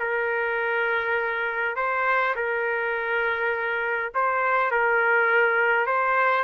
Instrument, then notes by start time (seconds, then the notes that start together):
trumpet
0.00 A#4
1.76 C5
2.36 A#4
4.15 C5
4.71 A#4
5.87 C5